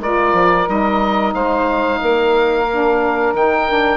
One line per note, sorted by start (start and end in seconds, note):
0.00 0.33 G#3
0.00 0.67 F4
0.00 1.34 A#4
0.00 0.69 D5
0.33 0.67 F3
0.67 1.34 G3
0.67 2.67 D#4
0.67 1.34 D#5
1.34 2.01 G#3
1.34 2.01 C5
1.34 3.34 F5
2.02 3.34 A#3
2.02 3.98 A#4
2.71 3.37 D4
3.34 3.98 D#3
3.34 3.69 D#4
3.34 3.98 G5
3.69 3.98 D4